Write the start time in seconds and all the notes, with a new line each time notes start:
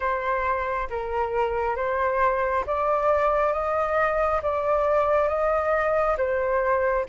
0.00 C5
0.89 A#4
1.76 C5
2.66 D5
3.52 D#5
4.42 D5
5.28 D#5
6.17 C5